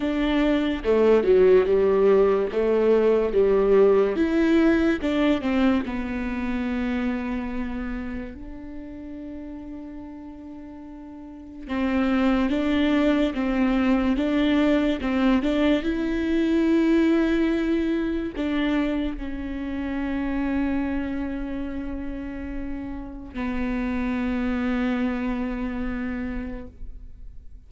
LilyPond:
\new Staff \with { instrumentName = "viola" } { \time 4/4 \tempo 4 = 72 d'4 a8 fis8 g4 a4 | g4 e'4 d'8 c'8 b4~ | b2 d'2~ | d'2 c'4 d'4 |
c'4 d'4 c'8 d'8 e'4~ | e'2 d'4 cis'4~ | cis'1 | b1 | }